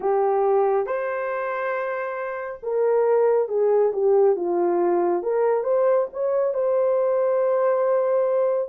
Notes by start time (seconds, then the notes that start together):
0.00 G4
0.86 C5
2.62 A#4
3.48 G#4
3.92 G4
4.36 F4
5.22 A#4
5.63 C5
6.13 C#5
6.54 C5